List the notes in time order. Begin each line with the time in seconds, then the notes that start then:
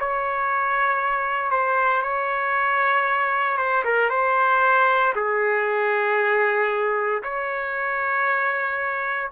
0.00 C#5
1.51 C5
2.02 C#5
3.58 C5
3.85 A#4
4.10 C5
5.16 G#4
7.23 C#5